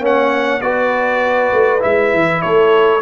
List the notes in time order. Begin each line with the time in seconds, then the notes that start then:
0.00 A#3 C#4 C#5 F#5
0.61 B3 F#4 B4 D5
1.52 A3
1.79 G#3 E4 E5
2.13 E3
2.41 A3 A4 C#5